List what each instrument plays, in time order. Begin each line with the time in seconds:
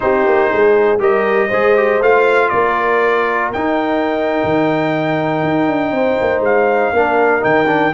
0.00 tuba C4, trombone D#4, horn G4, trumpet C5
0.26 tuba A#3
0.49 tuba G#3, horn G#4
0.99 tuba G3, trombone G4, horn A#4, trumpet D#5
1.48 tuba G#3, trombone G#4, horn C5
1.76 trombone G4
2.00 tuba A3, trombone F4, trumpet F5
2.49 tuba A#3, horn A#4, trumpet D5
3.52 trombone D#4, tuba D#4, trumpet G5
4.44 tuba D#3
5.43 tuba D#4
5.67 tuba D4
5.91 tuba C4, horn C5
6.20 tuba A#3
6.40 tuba G#3, trumpet F5
6.93 tuba A#3, trombone D4, horn A#4
7.40 tuba D#3, trombone D#4, trumpet G5
7.66 trombone D4